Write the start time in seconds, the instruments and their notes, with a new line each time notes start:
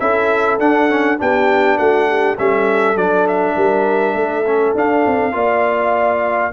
0.00 tuba C#4, trombone E4, horn A4, trumpet E5
0.60 tuba D4, trombone D4, trumpet F#5
0.90 trombone C#4
1.18 tuba B3, trombone D4, horn G4, trumpet G5
1.78 tuba A3, horn F#4, trumpet F#5
2.08 horn G4
2.39 tuba G3, trombone C#4, horn A4, trumpet E5
2.96 tuba F#3, trombone D4, trumpet D5
3.28 trumpet E5
3.56 tuba G3, horn A#4
4.14 tuba A3, horn A4
4.47 trombone C#4
4.75 tuba D4, trombone D4, trumpet F5
5.07 tuba C4
5.32 tuba A#3, trombone F4, horn D5